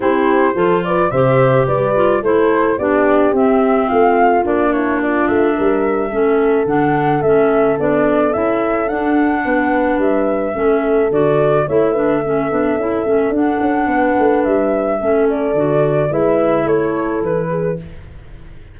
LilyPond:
<<
  \new Staff \with { instrumentName = "flute" } { \time 4/4 \tempo 4 = 108 c''4. d''8 e''4 d''4 | c''4 d''4 e''4 f''4 | d''8 cis''8 d''8 e''2~ e''8 | fis''4 e''4 d''4 e''4 |
fis''2 e''2 | d''4 e''2. | fis''2 e''4. d''8~ | d''4 e''4 cis''4 b'4 | }
  \new Staff \with { instrumentName = "horn" } { \time 4/4 g'4 a'8 b'8 c''4 b'4 | a'4 g'2 f'4~ | f'8 e'8 f'4 ais'4 a'4~ | a'1~ |
a'4 b'2 a'4~ | a'4 cis''8 b'8 a'2~ | a'4 b'2 a'4~ | a'4 b'4 a'4. gis'8 | }
  \new Staff \with { instrumentName = "clarinet" } { \time 4/4 e'4 f'4 g'4. f'8 | e'4 d'4 c'2 | d'2. cis'4 | d'4 cis'4 d'4 e'4 |
d'2. cis'4 | fis'4 e'8 d'8 cis'8 d'8 e'8 cis'8 | d'2. cis'4 | fis'4 e'2. | }
  \new Staff \with { instrumentName = "tuba" } { \time 4/4 c'4 f4 c4 g4 | a4 b4 c'4 a4 | ais4. a8 g4 a4 | d4 a4 b4 cis'4 |
d'4 b4 g4 a4 | d4 a4. b8 cis'8 a8 | d'8 cis'8 b8 a8 g4 a4 | d4 gis4 a4 e4 | }
>>